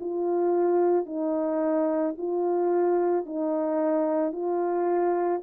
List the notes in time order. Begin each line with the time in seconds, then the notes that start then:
0.00 F4
1.06 D#4
2.18 F4
3.25 D#4
4.32 F4